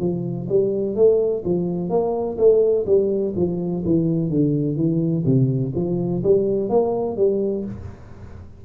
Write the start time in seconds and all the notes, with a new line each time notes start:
0.00 F3
0.49 G3
0.96 A3
1.45 F3
1.90 A#3
2.38 A3
2.87 G3
3.36 F3
3.85 E3
4.30 D3
4.77 E3
5.26 C3
5.75 F3
6.24 G3
6.70 A#3
7.17 G3